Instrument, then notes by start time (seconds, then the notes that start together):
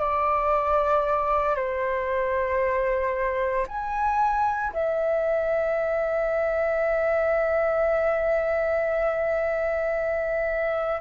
flute
0.00 D5
1.56 C5
3.68 G#5
4.73 E5